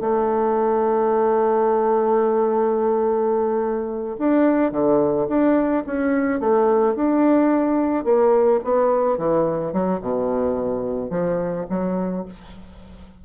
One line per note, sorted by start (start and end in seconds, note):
0.00 4.17 A3
4.18 4.71 D4
4.71 5.27 D3
5.28 5.84 D4
5.86 6.40 C#4
6.40 6.95 A3
6.95 8.04 D4
8.04 8.60 A#3
8.64 9.17 B3
9.17 9.72 E3
9.72 10.00 F#3
10.01 11.10 B2
11.10 11.66 F3
11.69 12.25 F#3